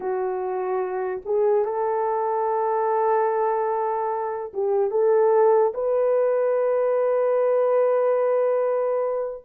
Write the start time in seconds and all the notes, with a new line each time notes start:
0.00 F#4
1.25 G#4
1.64 A4
4.53 G4
4.91 A4
5.73 B4